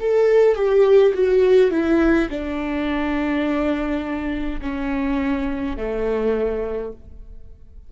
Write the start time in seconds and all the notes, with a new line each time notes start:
0.00 A4
0.56 G4
1.14 F#4
1.71 E4
2.30 D4
4.62 C#4
5.77 A3